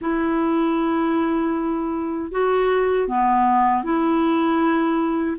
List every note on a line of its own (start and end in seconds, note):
0.01 2.31 E4
2.31 3.08 F#4
3.08 3.83 B3
3.83 5.37 E4